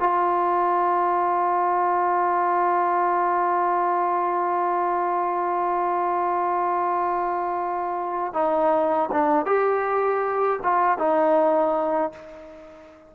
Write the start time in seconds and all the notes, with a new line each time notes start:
0.00 F4
8.34 D#4
9.12 D4
9.46 G4
10.63 F4
10.99 D#4